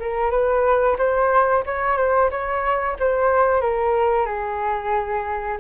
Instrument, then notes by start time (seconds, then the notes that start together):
flute
0.00 A#4
0.31 B4
0.98 C5
1.66 C#5
1.97 C5
2.31 C#5
3.00 C5
3.61 A#4
4.26 G#4